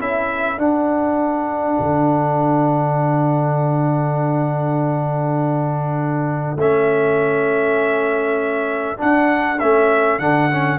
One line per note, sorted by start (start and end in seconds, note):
0.00 0.58 C#4
0.00 0.58 E4
0.00 10.79 A4
0.00 0.59 E5
0.58 1.78 D4
0.58 6.58 D4
0.58 6.59 F#5
1.80 6.56 D3
6.56 8.96 A3
6.56 8.97 C#4
6.56 9.01 E5
8.97 9.58 D4
8.97 9.62 D4
8.97 9.60 F#5
9.60 10.20 A3
9.60 10.21 C#4
9.60 10.19 E5
10.19 10.79 D3
10.19 10.51 D4
10.19 10.79 F#5
10.51 10.79 C#4